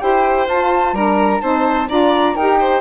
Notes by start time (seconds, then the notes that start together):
0.00 E4 G4 C5 G5
0.48 F4 A5
0.93 G3 D4 A#4 A#5
1.41 C4 D#4 C5 A5
1.89 D4 F4 D5 A#5
2.35 D#4 G4 A#4 G5
2.60 C5